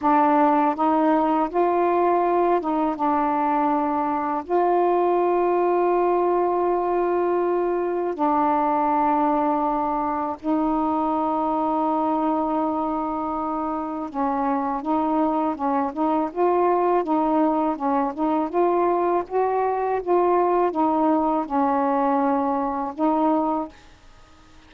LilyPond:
\new Staff \with { instrumentName = "saxophone" } { \time 4/4 \tempo 4 = 81 d'4 dis'4 f'4. dis'8 | d'2 f'2~ | f'2. d'4~ | d'2 dis'2~ |
dis'2. cis'4 | dis'4 cis'8 dis'8 f'4 dis'4 | cis'8 dis'8 f'4 fis'4 f'4 | dis'4 cis'2 dis'4 | }